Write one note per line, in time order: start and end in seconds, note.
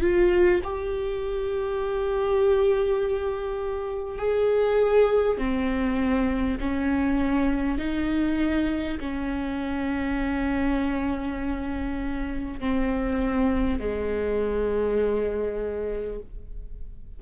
0.00 0.60 F4
0.63 4.18 G4
4.18 5.37 G#4
5.37 6.57 C4
6.60 7.77 C#4
7.77 8.97 D#4
9.00 12.59 C#4
12.59 13.79 C4
13.79 16.19 G#3